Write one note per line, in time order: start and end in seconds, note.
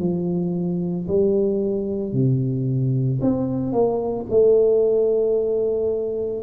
0.00 1.07 F3
1.08 2.13 G3
2.13 3.20 C3
3.21 3.73 C4
3.73 4.26 A#3
4.31 6.43 A3